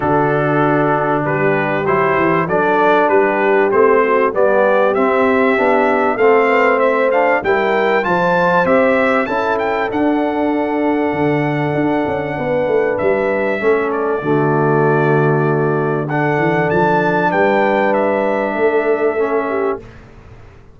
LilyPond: <<
  \new Staff \with { instrumentName = "trumpet" } { \time 4/4 \tempo 4 = 97 a'2 b'4 c''4 | d''4 b'4 c''4 d''4 | e''2 f''4 e''8 f''8 | g''4 a''4 e''4 a''8 g''8 |
fis''1~ | fis''4 e''4. d''4.~ | d''2 fis''4 a''4 | g''4 e''2. | }
  \new Staff \with { instrumentName = "horn" } { \time 4/4 fis'2 g'2 | a'4 g'4. fis'8 g'4~ | g'2 a'8 b'8 c''4 | ais'4 c''2 a'4~ |
a'1 | b'2 a'4 fis'4~ | fis'2 a'2 | b'2 a'4. g'8 | }
  \new Staff \with { instrumentName = "trombone" } { \time 4/4 d'2. e'4 | d'2 c'4 b4 | c'4 d'4 c'4. d'8 | e'4 f'4 g'4 e'4 |
d'1~ | d'2 cis'4 a4~ | a2 d'2~ | d'2. cis'4 | }
  \new Staff \with { instrumentName = "tuba" } { \time 4/4 d2 g4 fis8 e8 | fis4 g4 a4 g4 | c'4 b4 a2 | g4 f4 c'4 cis'4 |
d'2 d4 d'8 cis'8 | b8 a8 g4 a4 d4~ | d2~ d8 e8 f4 | g2 a2 | }
>>